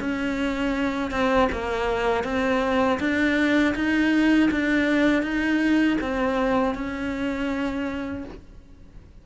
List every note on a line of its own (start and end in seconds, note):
0.00 1.11 C#4
1.11 1.49 C4
1.52 2.24 A#3
2.24 2.99 C4
3.00 3.75 D4
3.75 4.50 D#4
4.51 5.23 D4
5.23 5.98 D#4
6.01 6.75 C4
6.75 8.25 C#4